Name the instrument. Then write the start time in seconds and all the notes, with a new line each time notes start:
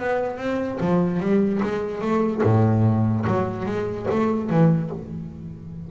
double bass
0.00 B3
0.37 C4
0.80 F3
1.20 G3
1.63 G#3
2.01 A3
2.43 A2
3.27 F#3
3.65 G#3
4.10 A3
4.49 E3